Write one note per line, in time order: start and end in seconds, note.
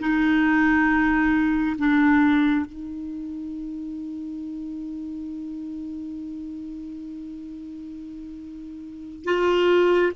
0.00 1.76 D#4
1.78 2.66 D4
2.66 9.24 D#4
9.24 10.13 F4